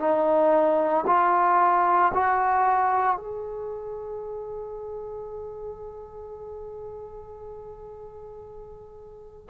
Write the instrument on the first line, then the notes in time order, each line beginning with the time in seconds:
trombone
0.00 D#4
1.07 F4
2.14 F#4
3.17 G#4